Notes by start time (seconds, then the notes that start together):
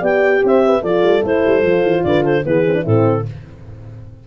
0.00 B3 G4 D5 G5
0.44 C4 C5 E5
0.66 B4
0.82 F3 F4 A4 D5
1.03 G3
1.22 A3 E4 C5
1.47 G3
1.62 F3 F4
1.83 E3
2.04 D3 B4 D5
2.24 A4 C5
2.45 E3 B3 G#4 B4
2.67 C4
2.74 D4
2.82 A2 C4 E4 A4